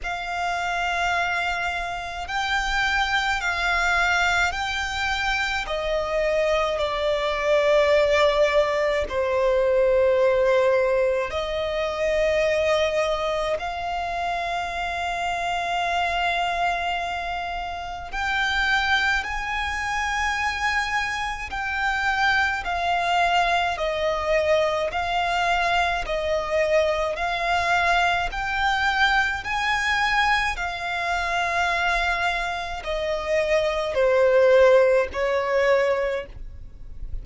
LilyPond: \new Staff \with { instrumentName = "violin" } { \time 4/4 \tempo 4 = 53 f''2 g''4 f''4 | g''4 dis''4 d''2 | c''2 dis''2 | f''1 |
g''4 gis''2 g''4 | f''4 dis''4 f''4 dis''4 | f''4 g''4 gis''4 f''4~ | f''4 dis''4 c''4 cis''4 | }